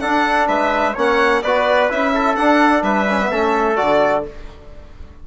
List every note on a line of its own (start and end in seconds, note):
0.00 0.94 D4
0.00 0.48 D4
0.00 0.47 A4
0.00 0.47 F#5
0.47 0.95 G#3
0.47 0.93 B4
0.47 0.95 E5
0.93 1.43 A#3
0.93 1.44 C#4
0.93 1.40 C#5
0.93 1.42 F#5
1.42 1.90 B3
1.42 1.89 F#4
1.42 2.14 B4
1.42 1.89 D5
1.89 2.36 C#4
1.89 2.36 E4
1.89 2.35 E5
2.14 2.83 A4
2.35 2.82 D4
2.35 3.07 D4
2.35 2.82 F#5
2.82 3.29 G3
2.82 3.30 B4
2.82 3.76 E5
3.09 3.21 C#4
3.21 3.31 B3
3.31 3.79 A3
3.31 3.76 C#4
3.31 4.25 A4
3.76 4.27 D3
3.76 4.23 F#4
3.76 4.23 D5